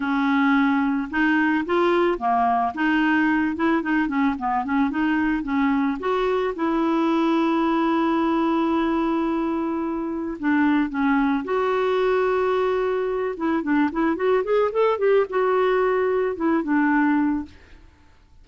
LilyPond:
\new Staff \with { instrumentName = "clarinet" } { \time 4/4 \tempo 4 = 110 cis'2 dis'4 f'4 | ais4 dis'4. e'8 dis'8 cis'8 | b8 cis'8 dis'4 cis'4 fis'4 | e'1~ |
e'2. d'4 | cis'4 fis'2.~ | fis'8 e'8 d'8 e'8 fis'8 gis'8 a'8 g'8 | fis'2 e'8 d'4. | }